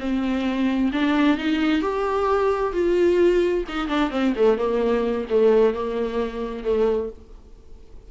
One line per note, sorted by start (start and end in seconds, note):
0.00 0.92 C4
0.93 1.38 D4
1.38 1.82 D#4
1.82 2.73 G4
2.73 3.65 F4
3.69 3.88 D#4
3.88 4.11 D4
4.11 4.34 C4
4.37 4.58 A3
4.58 5.27 A#3
5.30 5.74 A3
5.74 6.64 A#3
6.64 7.10 A3